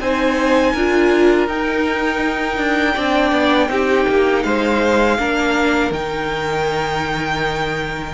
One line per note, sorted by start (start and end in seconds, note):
0.00 0.74 C4
0.00 0.77 D#4
0.00 0.73 C5
0.00 1.48 G#5
0.73 1.47 D4
0.73 1.48 F4
0.73 2.95 A#4
1.47 2.58 D#4
1.47 2.96 D#4
1.47 4.43 G5
2.58 2.95 D4
2.95 3.32 C4
2.95 3.69 D4
2.95 3.69 D5
3.32 3.69 B3
3.69 4.06 C4
3.69 5.18 D#4
3.69 4.43 G4
4.08 4.45 A#3
4.43 5.19 G#3
4.43 5.17 C5
4.43 5.91 F5
5.18 5.91 A#3
5.18 5.92 D4
5.18 8.14 A#4
5.91 8.13 D#3
5.91 8.14 D#4
5.91 8.14 G5